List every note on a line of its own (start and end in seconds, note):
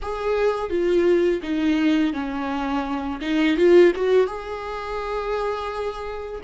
0.02 0.69 G#4
0.69 1.41 F4
1.42 2.13 D#4
2.13 3.20 C#4
3.21 3.56 D#4
3.56 3.92 F4
3.94 4.27 F#4
4.27 6.41 G#4